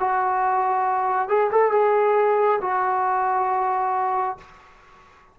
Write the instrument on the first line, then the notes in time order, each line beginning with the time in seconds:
trombone
0.00 F#4
1.29 G#4
1.52 A4
1.72 G#4
2.62 F#4